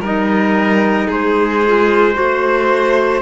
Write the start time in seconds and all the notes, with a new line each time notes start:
0.00 G3 D#4 A#4 D#5
1.07 G#3 G#4 C5
1.66 F4
2.13 A3 F#4 C5